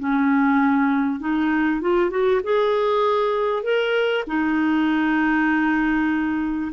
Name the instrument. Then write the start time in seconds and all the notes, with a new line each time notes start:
clarinet
0.00 C#4
1.20 D#4
1.82 F4
2.11 F#4
2.44 G#4
3.63 A#4
4.27 D#4